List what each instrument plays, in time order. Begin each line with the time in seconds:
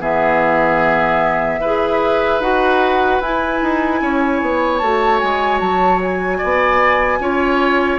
0.00 bassoon E3, clarinet B3, oboe G#4, flute E5
1.61 bassoon E4, clarinet G#4, oboe B4
2.40 bassoon D#4, clarinet F#4, flute F#5
3.21 bassoon E4, clarinet E4, flute G#5
3.63 bassoon D#4
4.02 bassoon C#4, oboe C#5
4.42 bassoon B3
4.79 bassoon A3, clarinet F#4, flute A5
5.20 bassoon G#3, flute G#5
5.60 bassoon F#3, flute A5
6.03 flute G#5
6.38 oboe D5
6.44 bassoon B3
7.20 bassoon C#4, clarinet F4, oboe C#5